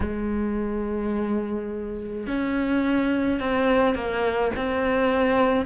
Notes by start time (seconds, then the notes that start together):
0.00 G#3
2.26 C#4
3.40 C4
3.94 A#3
4.55 C4